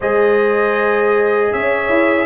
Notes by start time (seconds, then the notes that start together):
0.00 G#3 G#4 C5 D#5
1.52 C#4 C#5 E5
1.89 E4